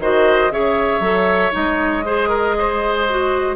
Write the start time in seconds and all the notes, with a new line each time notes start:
0.00 D#3 F#4 C5 D#5
0.51 C#3 G#4 C#5 E5
1.00 F#3 A4
1.52 G#3 D#4 D#5
2.06 G#4 C5
2.29 A#4
2.59 C5
3.10 F#4